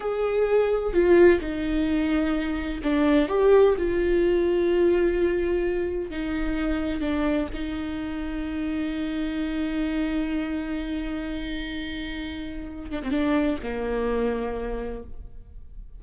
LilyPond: \new Staff \with { instrumentName = "viola" } { \time 4/4 \tempo 4 = 128 gis'2 f'4 dis'4~ | dis'2 d'4 g'4 | f'1~ | f'4 dis'2 d'4 |
dis'1~ | dis'1~ | dis'2.~ dis'8 d'16 c'16 | d'4 ais2. | }